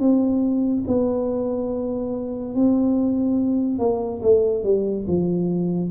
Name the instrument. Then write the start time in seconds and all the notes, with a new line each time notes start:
tuba
0.00 C4
0.88 B3
2.55 C4
3.79 A#3
4.23 A3
4.64 G3
5.08 F3